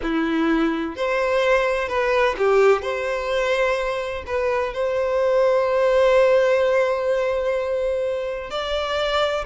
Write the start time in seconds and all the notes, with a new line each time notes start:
0.02 E4
0.96 C5
1.88 B4
2.38 G4
2.82 C5
4.26 B4
4.73 C5
8.50 D5